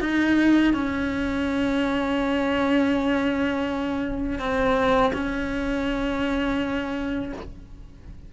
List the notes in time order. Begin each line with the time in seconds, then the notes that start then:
0.00 D#4
0.74 C#4
4.39 C4
5.13 C#4